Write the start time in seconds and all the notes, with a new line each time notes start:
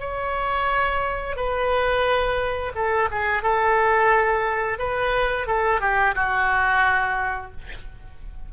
0.00 C#5
1.36 B4
2.76 A4
3.11 G#4
3.43 A4
4.79 B4
5.47 A4
5.81 G4
6.15 F#4